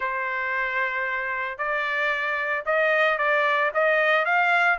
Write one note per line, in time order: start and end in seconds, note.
0.00 1.58 C5
1.58 2.64 D5
2.65 3.18 D#5
3.18 3.71 D5
3.73 4.25 D#5
4.25 4.78 F5